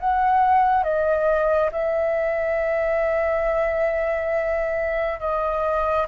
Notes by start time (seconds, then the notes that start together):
0.00 F#5
0.84 D#5
1.72 E5
5.20 D#5